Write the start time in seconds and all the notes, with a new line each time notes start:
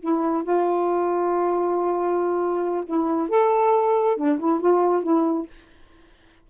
0.00 E4
0.43 F4
2.86 E4
3.29 A4
4.16 D4
4.39 E4
4.60 F4
5.02 E4